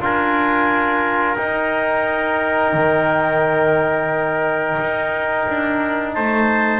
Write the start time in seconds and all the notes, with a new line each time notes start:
0.00 D4 F4 A#4 G#5
1.36 D#4 G5
2.73 D#3
4.79 D#4
5.49 D4
6.13 A3 C5 A5